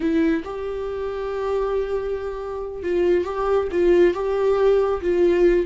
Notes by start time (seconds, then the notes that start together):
0.00 E4
0.44 G4
2.83 F4
3.24 G4
3.71 F4
4.14 G4
5.01 F4